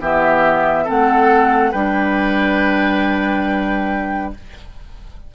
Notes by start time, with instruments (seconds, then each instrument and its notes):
0.00 bassoon E3, clarinet B3, oboe G4, flute E5
0.84 bassoon A3, clarinet C4, oboe A4, flute F#5
1.71 bassoon G3, clarinet D4, oboe B4, flute G5